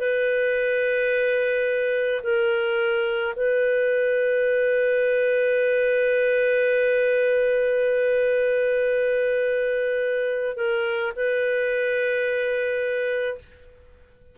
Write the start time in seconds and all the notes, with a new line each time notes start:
0.00 B4
2.23 A#4
3.36 B4
10.57 A#4
11.16 B4